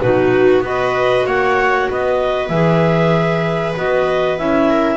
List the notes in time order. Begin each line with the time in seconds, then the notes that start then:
0.00 B2 D#4 F#4 B4
0.60 B3 F#4 B4
0.67 D#5
1.26 A#3 C#5 F#5
1.90 B3 B4 D#5
2.48 E3 G#4 E5
3.77 B3 F#4 D#5
4.38 C#4 E4 E5
4.70 A#4